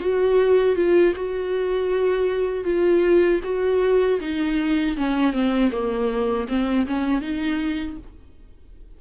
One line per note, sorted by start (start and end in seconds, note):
0.00 0.76 F#4
0.76 1.14 F4
1.16 2.65 F#4
2.65 3.41 F4
3.44 4.20 F#4
4.21 4.97 D#4
4.97 5.33 C#4
5.33 5.71 C4
5.72 6.48 A#3
6.49 6.87 C4
6.87 7.22 C#4
7.22 7.97 D#4